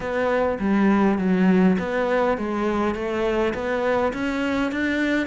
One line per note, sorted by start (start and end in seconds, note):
0.00 0.58 B3
0.59 1.18 G3
1.18 1.77 F#3
1.79 2.37 B3
2.37 2.94 G#3
2.94 3.53 A3
3.53 4.12 B3
4.13 4.71 C#4
4.71 5.26 D4